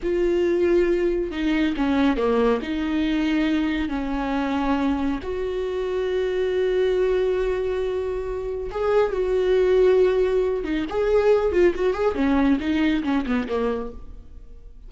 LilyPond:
\new Staff \with { instrumentName = "viola" } { \time 4/4 \tempo 4 = 138 f'2. dis'4 | cis'4 ais4 dis'2~ | dis'4 cis'2. | fis'1~ |
fis'1 | gis'4 fis'2.~ | fis'8 dis'8 gis'4. f'8 fis'8 gis'8 | cis'4 dis'4 cis'8 b8 ais4 | }